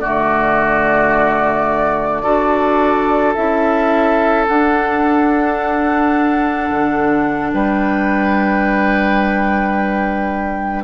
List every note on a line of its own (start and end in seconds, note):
0.00 2.24 D3
0.00 2.23 A3
0.00 2.22 F#4
0.00 3.33 D5
2.22 3.35 D4
2.22 3.34 F#4
2.22 7.50 A4
3.34 4.48 C#4
3.34 4.47 E4
3.34 4.45 E5
4.47 10.84 D4
4.47 6.70 D4
4.47 7.53 F#5
6.70 7.53 D3
7.53 10.84 G3
7.53 10.84 B4
7.53 10.84 G5